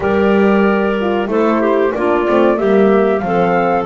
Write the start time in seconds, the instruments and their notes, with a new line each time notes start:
0.00 double bass G3, horn G4, clarinet A#4, flute D5
1.00 horn F4
1.26 double bass A3, horn E4, clarinet A4, flute C5
1.60 clarinet G4
1.93 double bass A#3, horn D4, clarinet F4, flute D5
2.26 double bass A3, horn C4
2.56 double bass G3, horn A#3, clarinet G4, flute E5
3.18 double bass F3, horn C4, flute F5
3.26 clarinet A4